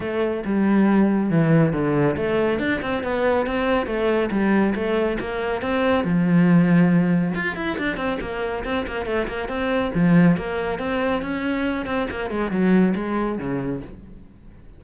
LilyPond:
\new Staff \with { instrumentName = "cello" } { \time 4/4 \tempo 4 = 139 a4 g2 e4 | d4 a4 d'8 c'8 b4 | c'4 a4 g4 a4 | ais4 c'4 f2~ |
f4 f'8 e'8 d'8 c'8 ais4 | c'8 ais8 a8 ais8 c'4 f4 | ais4 c'4 cis'4. c'8 | ais8 gis8 fis4 gis4 cis4 | }